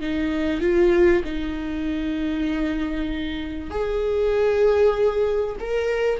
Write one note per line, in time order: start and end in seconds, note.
0.00 0.61 D#4
0.61 1.23 F4
1.24 3.70 D#4
3.70 5.56 G#4
5.60 6.20 A#4